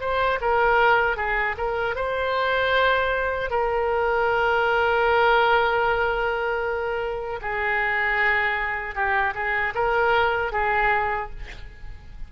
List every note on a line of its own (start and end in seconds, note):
0.00 0.39 C5
0.40 1.17 A#4
1.17 1.55 G#4
1.57 1.95 A#4
1.95 3.50 C5
3.50 7.40 A#4
7.41 8.95 G#4
8.95 9.34 G4
9.34 9.73 G#4
9.74 10.52 A#4
10.52 11.30 G#4